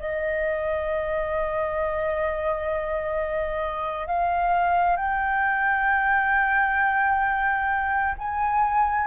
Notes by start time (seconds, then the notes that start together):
0.00 D#5
4.07 F5
4.97 G5
8.19 G#5